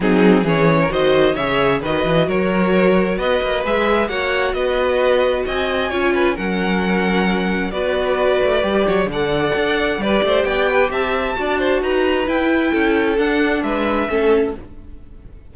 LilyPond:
<<
  \new Staff \with { instrumentName = "violin" } { \time 4/4 \tempo 4 = 132 gis'4 cis''4 dis''4 e''4 | dis''4 cis''2 dis''4 | e''4 fis''4 dis''2 | gis''2 fis''2~ |
fis''4 d''2. | fis''2 d''4 g''4 | a''2 ais''4 g''4~ | g''4 fis''4 e''2 | }
  \new Staff \with { instrumentName = "violin" } { \time 4/4 dis'4 gis'8. ais'16 c''4 cis''4 | b'4 ais'2 b'4~ | b'4 cis''4 b'2 | dis''4 cis''8 b'8 ais'2~ |
ais'4 b'2~ b'8 cis''8 | d''2 b'8 c''8 d''8 b'8 | e''4 d''8 c''8 b'2 | a'2 b'4 a'4 | }
  \new Staff \with { instrumentName = "viola" } { \time 4/4 c'4 cis'4 fis'4 gis'4 | fis'1 | gis'4 fis'2.~ | fis'4 f'4 cis'2~ |
cis'4 fis'2 g'4 | a'2 g'2~ | g'4 fis'2 e'4~ | e'4 d'2 cis'4 | }
  \new Staff \with { instrumentName = "cello" } { \time 4/4 fis4 e4 dis4 cis4 | dis8 e8 fis2 b8 ais8 | gis4 ais4 b2 | c'4 cis'4 fis2~ |
fis4 b4. a8 g8 fis8 | d4 d'4 g8 a8 b4 | c'4 d'4 dis'4 e'4 | cis'4 d'4 gis4 a4 | }
>>